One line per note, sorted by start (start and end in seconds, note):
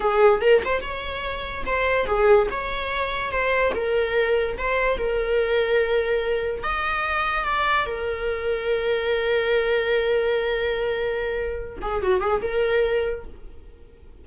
0.00 0.41 G#4
0.41 0.62 A#4
0.64 0.81 C5
0.81 1.64 C#5
1.66 2.05 C5
2.05 2.47 G#4
2.50 3.31 C#5
3.31 3.73 C5
3.74 4.57 A#4
4.57 4.98 C5
4.98 6.63 A#4
6.63 7.45 D#5
7.45 7.86 D5
7.86 11.79 A#4
11.81 12.02 G#4
12.02 12.20 F#4
12.20 12.41 G#4
12.41 13.24 A#4